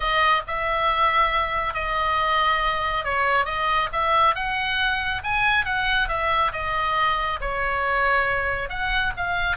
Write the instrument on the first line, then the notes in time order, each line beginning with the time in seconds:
oboe
0.00 D#5
0.47 E5
1.74 D#5
3.04 C#5
3.45 D#5
3.92 E5
4.35 F#5
5.23 G#5
5.65 F#5
6.08 E5
6.52 D#5
7.40 C#5
8.69 F#5
9.16 F5